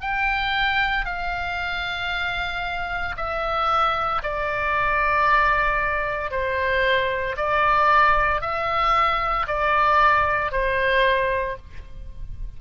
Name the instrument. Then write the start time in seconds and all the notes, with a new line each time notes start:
oboe
0.00 G5
1.05 F5
3.16 E5
4.22 D5
6.30 C5
7.36 D5
8.41 E5
9.47 D5
10.51 C5